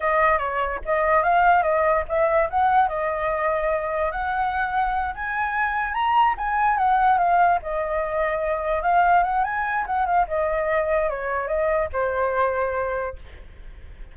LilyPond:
\new Staff \with { instrumentName = "flute" } { \time 4/4 \tempo 4 = 146 dis''4 cis''4 dis''4 f''4 | dis''4 e''4 fis''4 dis''4~ | dis''2 fis''2~ | fis''8 gis''2 ais''4 gis''8~ |
gis''8 fis''4 f''4 dis''4.~ | dis''4. f''4 fis''8 gis''4 | fis''8 f''8 dis''2 cis''4 | dis''4 c''2. | }